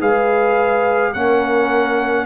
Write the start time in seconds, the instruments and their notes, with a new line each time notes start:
0.00 tuba G#3, trombone G#4, horn B4, trumpet F5
1.13 tuba A#3, trombone C#4, horn A#4, trumpet F#5